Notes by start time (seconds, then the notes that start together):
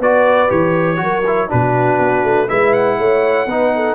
0.00 B3 F#4 B4 D5
0.48 E3 G4 C#5
0.97 F#3 F#4
1.03 A#4
1.27 E4
1.49 B2 D4 F#4 B4
2.00 B3
2.24 A3
2.48 G#3 E4 B4 E5
2.74 F#5
2.99 A3 C#5
3.47 B3 D#4 B4
3.76 A4